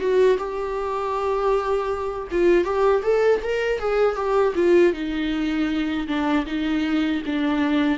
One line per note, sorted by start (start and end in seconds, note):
0.00 0.38 F#4
0.38 2.28 G4
2.32 2.65 F4
2.65 3.03 G4
3.03 3.41 A4
3.43 3.79 A#4
3.79 4.16 G#4
4.16 4.54 G4
4.55 4.93 F4
4.94 6.08 D#4
6.08 6.46 D4
6.46 7.22 D#4
7.26 7.99 D4